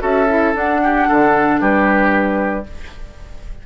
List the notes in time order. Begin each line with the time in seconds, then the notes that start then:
0.00 C#4 F#4 A4 E5
0.29 E4
0.53 D4 F#5
0.84 G4
1.08 D3 A4
1.61 G3 G4 B4